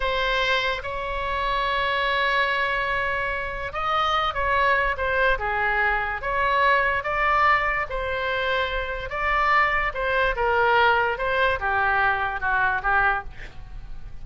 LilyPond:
\new Staff \with { instrumentName = "oboe" } { \time 4/4 \tempo 4 = 145 c''2 cis''2~ | cis''1~ | cis''4 dis''4. cis''4. | c''4 gis'2 cis''4~ |
cis''4 d''2 c''4~ | c''2 d''2 | c''4 ais'2 c''4 | g'2 fis'4 g'4 | }